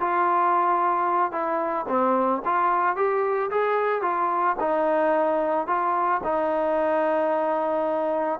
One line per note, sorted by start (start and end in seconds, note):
0.00 1.32 F4
1.32 1.86 E4
1.88 2.42 C4
2.45 2.96 F4
2.96 3.50 G4
3.50 4.02 G#4
4.02 4.56 F4
4.59 5.67 D#4
5.67 6.21 F4
6.23 8.40 D#4